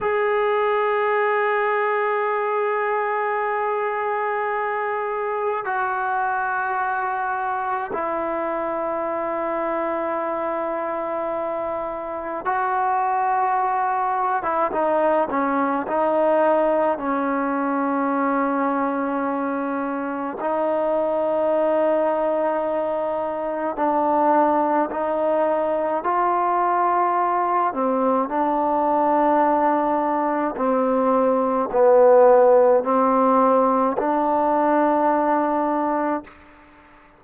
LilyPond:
\new Staff \with { instrumentName = "trombone" } { \time 4/4 \tempo 4 = 53 gis'1~ | gis'4 fis'2 e'4~ | e'2. fis'4~ | fis'8. e'16 dis'8 cis'8 dis'4 cis'4~ |
cis'2 dis'2~ | dis'4 d'4 dis'4 f'4~ | f'8 c'8 d'2 c'4 | b4 c'4 d'2 | }